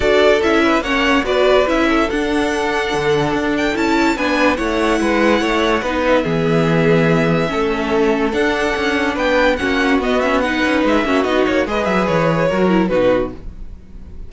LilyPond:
<<
  \new Staff \with { instrumentName = "violin" } { \time 4/4 \tempo 4 = 144 d''4 e''4 fis''4 d''4 | e''4 fis''2.~ | fis''8 g''8 a''4 gis''4 fis''4~ | fis''2~ fis''8 e''4.~ |
e''1 | fis''2 g''4 fis''4 | dis''8 e''8 fis''4 e''4 dis''8 cis''8 | dis''8 e''8 cis''2 b'4 | }
  \new Staff \with { instrumentName = "violin" } { \time 4/4 a'4. b'8 cis''4 b'4~ | b'8 a'2.~ a'8~ | a'2 b'4 cis''4 | b'4 cis''4 b'4 gis'4~ |
gis'2 a'2~ | a'2 b'4 fis'4~ | fis'4 b'4. fis'4. | b'2 ais'4 fis'4 | }
  \new Staff \with { instrumentName = "viola" } { \time 4/4 fis'4 e'4 cis'4 fis'4 | e'4 d'2.~ | d'4 e'4 d'4 e'4~ | e'2 dis'4 b4~ |
b2 cis'2 | d'2. cis'4 | b8 cis'8 dis'4. cis'8 dis'4 | gis'2 fis'8 e'8 dis'4 | }
  \new Staff \with { instrumentName = "cello" } { \time 4/4 d'4 cis'4 ais4 b4 | cis'4 d'2 d4 | d'4 cis'4 b4 a4 | gis4 a4 b4 e4~ |
e2 a2 | d'4 cis'4 b4 ais4 | b4. cis'8 gis8 ais8 b8 ais8 | gis8 fis8 e4 fis4 b,4 | }
>>